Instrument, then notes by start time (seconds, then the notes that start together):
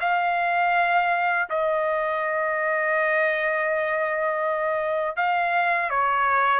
trumpet
0.00 F5
1.49 D#5
5.16 F5
5.90 C#5